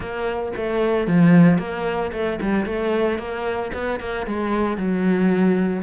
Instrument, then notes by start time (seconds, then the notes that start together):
cello
0.00 A#3
0.56 A3
1.07 F3
1.58 A#3
2.12 A3
2.41 G3
2.65 A3
3.18 A#3
3.73 B3
4.00 A#3
4.26 G#3
4.77 F#3